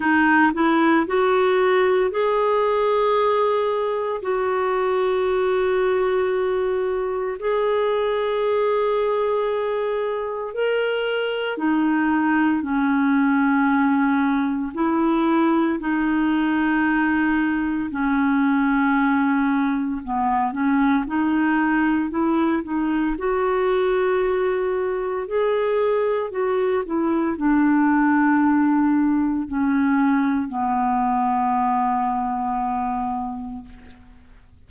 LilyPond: \new Staff \with { instrumentName = "clarinet" } { \time 4/4 \tempo 4 = 57 dis'8 e'8 fis'4 gis'2 | fis'2. gis'4~ | gis'2 ais'4 dis'4 | cis'2 e'4 dis'4~ |
dis'4 cis'2 b8 cis'8 | dis'4 e'8 dis'8 fis'2 | gis'4 fis'8 e'8 d'2 | cis'4 b2. | }